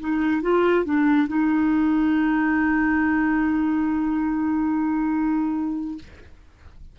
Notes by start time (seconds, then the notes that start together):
0.00 D#4
0.42 F4
0.85 D4
1.27 D#4